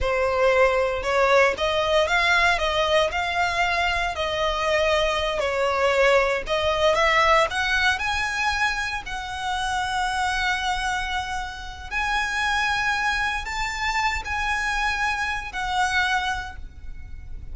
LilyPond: \new Staff \with { instrumentName = "violin" } { \time 4/4 \tempo 4 = 116 c''2 cis''4 dis''4 | f''4 dis''4 f''2 | dis''2~ dis''8 cis''4.~ | cis''8 dis''4 e''4 fis''4 gis''8~ |
gis''4. fis''2~ fis''8~ | fis''2. gis''4~ | gis''2 a''4. gis''8~ | gis''2 fis''2 | }